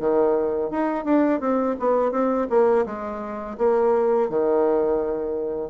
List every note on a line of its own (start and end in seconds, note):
0.00 0.71 D#3
0.71 1.05 D#4
1.05 1.41 D4
1.41 1.76 C4
1.80 2.12 B3
2.12 2.48 C4
2.50 2.86 A#3
2.86 3.58 G#3
3.58 4.30 A#3
4.30 5.70 D#3